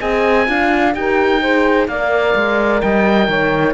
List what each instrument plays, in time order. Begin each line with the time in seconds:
0.00 cello C4, horn G#4, saxophone D#5, oboe G#5
0.46 cello D4, horn F4, saxophone F5
0.94 cello D#4, horn G4, saxophone A#4, oboe G5
1.41 horn G#4, saxophone C5
1.88 cello A#3, horn A#4, saxophone D5, oboe F5
2.35 cello G#3
2.81 cello G3, saxophone D#5, oboe G5
3.28 cello D#3, saxophone C#5